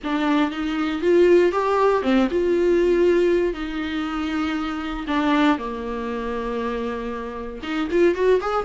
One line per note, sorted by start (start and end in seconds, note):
0.03 0.51 D4
0.51 1.01 D#4
1.01 1.52 F4
1.52 2.02 G4
2.02 2.27 C4
2.30 3.53 F4
3.53 5.06 D#4
5.07 5.57 D4
5.57 7.61 A#3
7.62 7.88 D#4
7.91 8.14 F4
8.14 8.40 F#4
8.40 8.65 G#4